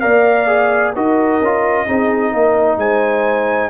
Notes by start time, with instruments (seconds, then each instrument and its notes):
0.00 tuba A#3, trombone A#4, horn D5, trumpet F5
0.47 trombone G#4
0.94 tuba D#4, trombone F#4, horn A#4, trumpet D#5
1.40 tuba C#4, trombone F4
1.86 tuba C4, trombone D#4, horn G#4
2.32 tuba A#3, horn A#4
2.77 tuba G#3, horn C5, trumpet G#5